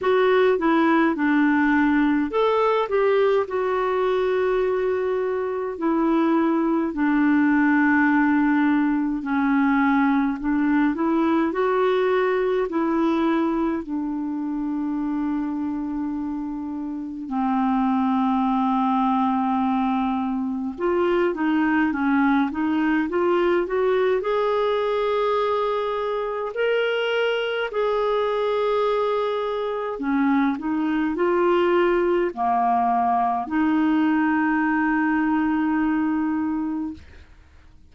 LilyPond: \new Staff \with { instrumentName = "clarinet" } { \time 4/4 \tempo 4 = 52 fis'8 e'8 d'4 a'8 g'8 fis'4~ | fis'4 e'4 d'2 | cis'4 d'8 e'8 fis'4 e'4 | d'2. c'4~ |
c'2 f'8 dis'8 cis'8 dis'8 | f'8 fis'8 gis'2 ais'4 | gis'2 cis'8 dis'8 f'4 | ais4 dis'2. | }